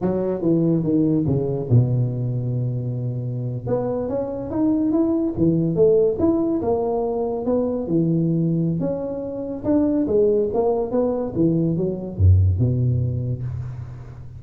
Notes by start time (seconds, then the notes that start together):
0.01 F#3
0.41 E3
0.83 D#3
1.27 C#3
1.70 B2
3.66 B3
4.08 C#4
4.50 D#4
4.91 E4
5.37 E3
5.75 A3
6.19 E4
6.61 A#3
7.45 B3
7.87 E3
8.80 C#4
9.64 D4
10.07 G#3
10.53 A#3
10.91 B3
11.35 E3
11.76 F#3
12.17 F#2
12.58 B2